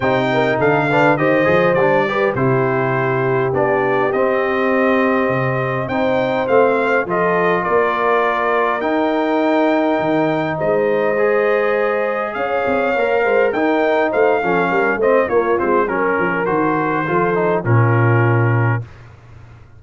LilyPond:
<<
  \new Staff \with { instrumentName = "trumpet" } { \time 4/4 \tempo 4 = 102 g''4 f''4 dis''4 d''4 | c''2 d''4 dis''4~ | dis''2 g''4 f''4 | dis''4 d''2 g''4~ |
g''2 dis''2~ | dis''4 f''2 g''4 | f''4. dis''8 cis''8 c''8 ais'4 | c''2 ais'2 | }
  \new Staff \with { instrumentName = "horn" } { \time 4/4 c''8 ais'8 a'8 b'8 c''4. b'8 | g'1~ | g'2 c''2 | a'4 ais'2.~ |
ais'2 c''2~ | c''4 cis''4. c''8 ais'4 | c''8 a'8 ais'8 c''8 f'4 ais'4~ | ais'4 a'4 f'2 | }
  \new Staff \with { instrumentName = "trombone" } { \time 4/4 dis'4. d'8 g'8 gis'8 d'8 g'8 | e'2 d'4 c'4~ | c'2 dis'4 c'4 | f'2. dis'4~ |
dis'2. gis'4~ | gis'2 ais'4 dis'4~ | dis'8 cis'4 c'8 ais8 c'8 cis'4 | fis'4 f'8 dis'8 cis'2 | }
  \new Staff \with { instrumentName = "tuba" } { \time 4/4 c4 d4 dis8 f8 g4 | c2 b4 c'4~ | c'4 c4 c'4 a4 | f4 ais2 dis'4~ |
dis'4 dis4 gis2~ | gis4 cis'8 c'8 ais8 gis8 dis'4 | a8 f8 g8 a8 ais8 gis8 fis8 f8 | dis4 f4 ais,2 | }
>>